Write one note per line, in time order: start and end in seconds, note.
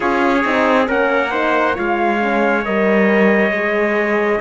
0.00 0.44 C#4
0.00 0.42 F4
0.00 0.87 G#4
0.00 0.86 C#5
0.44 0.88 C4
0.44 0.85 D#4
0.85 1.77 A#3
0.85 1.29 C#4
0.85 1.31 A#4
0.85 1.78 F#5
1.31 1.74 D#4
1.31 1.74 C5
1.74 2.65 G#3
1.74 2.18 F4
1.74 4.39 C#5
1.74 2.64 F5
2.19 2.64 C#4
2.64 3.51 G3
2.64 3.53 A#4
2.64 4.40 D#5
3.51 4.39 G#3
3.51 4.40 G#4